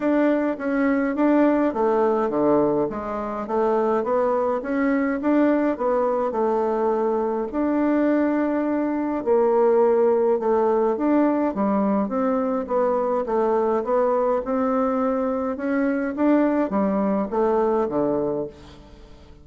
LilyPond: \new Staff \with { instrumentName = "bassoon" } { \time 4/4 \tempo 4 = 104 d'4 cis'4 d'4 a4 | d4 gis4 a4 b4 | cis'4 d'4 b4 a4~ | a4 d'2. |
ais2 a4 d'4 | g4 c'4 b4 a4 | b4 c'2 cis'4 | d'4 g4 a4 d4 | }